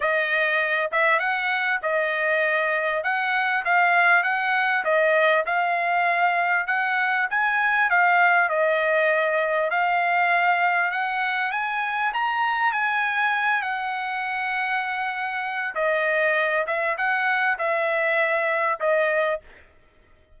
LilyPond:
\new Staff \with { instrumentName = "trumpet" } { \time 4/4 \tempo 4 = 99 dis''4. e''8 fis''4 dis''4~ | dis''4 fis''4 f''4 fis''4 | dis''4 f''2 fis''4 | gis''4 f''4 dis''2 |
f''2 fis''4 gis''4 | ais''4 gis''4. fis''4.~ | fis''2 dis''4. e''8 | fis''4 e''2 dis''4 | }